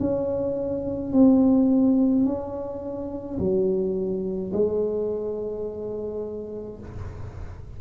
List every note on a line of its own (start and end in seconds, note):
0.00 1.13 C#4
1.13 2.25 C4
2.25 3.39 C#4
3.39 4.52 F#3
4.53 6.80 G#3